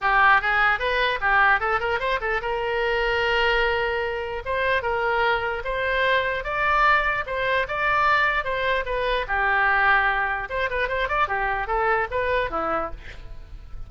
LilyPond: \new Staff \with { instrumentName = "oboe" } { \time 4/4 \tempo 4 = 149 g'4 gis'4 b'4 g'4 | a'8 ais'8 c''8 a'8 ais'2~ | ais'2. c''4 | ais'2 c''2 |
d''2 c''4 d''4~ | d''4 c''4 b'4 g'4~ | g'2 c''8 b'8 c''8 d''8 | g'4 a'4 b'4 e'4 | }